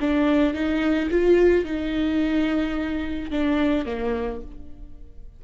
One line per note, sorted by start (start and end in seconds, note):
0.00 0.54 D4
0.54 1.09 D#4
1.10 1.64 F4
1.64 3.31 D#4
3.31 3.85 D4
3.85 4.41 A#3